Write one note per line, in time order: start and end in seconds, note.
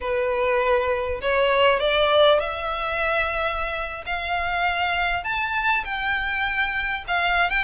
0.00 1.20 B4
1.21 1.79 C#5
1.79 2.39 D5
2.39 4.04 E5
4.06 5.24 F5
5.24 5.84 A5
5.84 7.04 G5
7.07 7.50 F5
7.50 7.64 G5